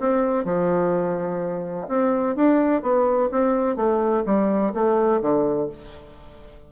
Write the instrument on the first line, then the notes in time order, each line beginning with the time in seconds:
bassoon
0.00 C4
0.44 F3
1.88 C4
2.36 D4
2.82 B3
3.32 C4
3.76 A3
4.26 G3
4.74 A3
5.21 D3